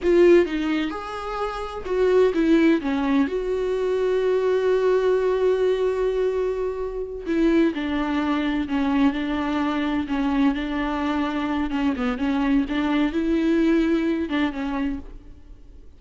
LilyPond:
\new Staff \with { instrumentName = "viola" } { \time 4/4 \tempo 4 = 128 f'4 dis'4 gis'2 | fis'4 e'4 cis'4 fis'4~ | fis'1~ | fis'2.~ fis'8 e'8~ |
e'8 d'2 cis'4 d'8~ | d'4. cis'4 d'4.~ | d'4 cis'8 b8 cis'4 d'4 | e'2~ e'8 d'8 cis'4 | }